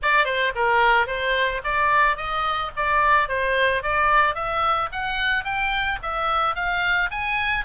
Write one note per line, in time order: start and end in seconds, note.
0.02 0.25 D5
0.25 0.52 C5
0.55 1.06 A#4
1.06 1.61 C5
1.63 2.16 D5
2.16 2.71 D#5
2.76 3.28 D5
3.28 3.82 C5
3.82 4.34 D5
4.34 4.89 E5
4.92 5.44 F#5
5.44 5.99 G5
6.02 6.55 E5
6.55 7.10 F5
7.11 7.64 G#5